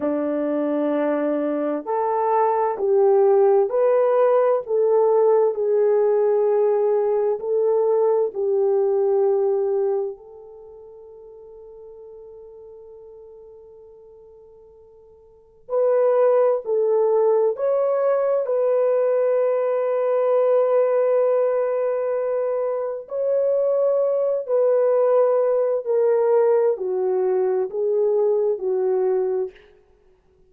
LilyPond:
\new Staff \with { instrumentName = "horn" } { \time 4/4 \tempo 4 = 65 d'2 a'4 g'4 | b'4 a'4 gis'2 | a'4 g'2 a'4~ | a'1~ |
a'4 b'4 a'4 cis''4 | b'1~ | b'4 cis''4. b'4. | ais'4 fis'4 gis'4 fis'4 | }